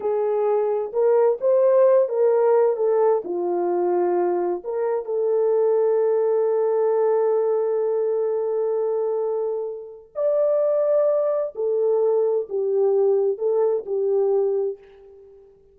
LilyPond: \new Staff \with { instrumentName = "horn" } { \time 4/4 \tempo 4 = 130 gis'2 ais'4 c''4~ | c''8 ais'4. a'4 f'4~ | f'2 ais'4 a'4~ | a'1~ |
a'1~ | a'2 d''2~ | d''4 a'2 g'4~ | g'4 a'4 g'2 | }